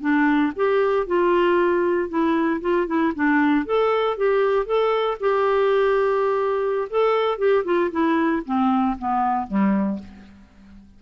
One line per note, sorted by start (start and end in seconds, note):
0.00 0.52 D4
0.55 1.06 G4
1.06 2.09 F4
2.09 2.60 E4
2.61 2.87 F4
2.87 3.12 E4
3.15 3.65 D4
3.65 4.17 A4
4.17 4.66 G4
4.66 5.17 A4
5.20 6.88 G4
6.89 7.38 A4
7.38 7.64 G4
7.64 7.90 F4
7.90 8.42 E4
8.45 8.97 C4
8.98 9.47 B3
9.47 9.99 G3